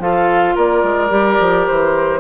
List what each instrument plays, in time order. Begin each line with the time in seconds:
0.00 bassoon F3, clarinet F4, oboe A4, flute F5
0.56 bassoon A#3, oboe A#4, flute D5
0.84 bassoon G#3
1.09 bassoon G3, clarinet G4
1.40 bassoon F3
1.68 bassoon E3, flute C5